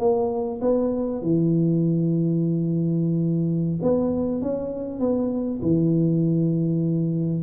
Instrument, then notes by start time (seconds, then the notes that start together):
tuba
0.00 A#3
0.62 B3
1.22 E3
3.82 B3
4.42 C#4
5.00 B3
5.62 E3